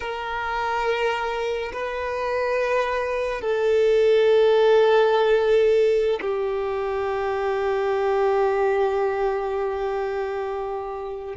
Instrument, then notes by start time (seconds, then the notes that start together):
violin
0.00 A#4
1.73 B4
3.41 A4
6.21 G4